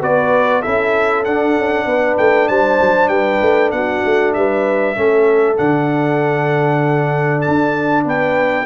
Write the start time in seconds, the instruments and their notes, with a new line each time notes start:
0.00 tuba B3, trombone F#4, horn B4, trumpet D5
0.62 tuba C#4, trombone E4, horn A4, trumpet E5
1.25 trombone D4, tuba D4, trumpet F#5
1.57 tuba C#4
1.86 tuba B3, horn B4
2.18 tuba A3, trumpet G5
2.48 tuba G3, horn C5, trumpet A5
2.81 tuba F#3
3.08 tuba G3, horn B4, trumpet G5
3.41 tuba A3
3.72 tuba B3, horn F#4, trumpet F#5
4.05 tuba A3
4.34 tuba G3, horn B4, trumpet E5
4.96 tuba A3, trombone C#4, horn A4
5.56 tuba D3, trombone D4, trumpet F#5
7.41 trumpet A5
7.48 tuba D4
8.05 tuba B3, horn B4, trumpet G5